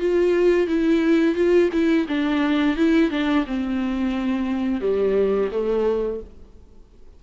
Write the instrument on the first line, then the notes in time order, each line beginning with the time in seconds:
viola
0.00 F4
0.67 E4
1.35 F4
1.73 E4
2.08 D4
2.77 E4
3.11 D4
3.47 C4
4.81 G3
5.52 A3